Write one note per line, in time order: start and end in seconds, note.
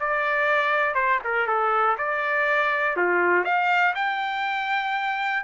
0.00 0.95 D5
0.95 1.19 C5
1.24 1.47 A#4
1.47 1.97 A4
1.98 2.97 D5
2.97 3.45 F4
3.45 3.95 F5
3.95 5.44 G5